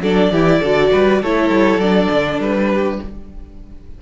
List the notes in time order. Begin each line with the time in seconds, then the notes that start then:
0.00 F#3 D4 A4 D5
0.31 E3 E4 G4
0.60 D3 F#4 A4
0.91 G3 B4
1.21 A3 E4 A4 C#5
1.50 G3
1.77 F#3 D4 D5
2.11 D3
2.39 G3 B4
2.71 G4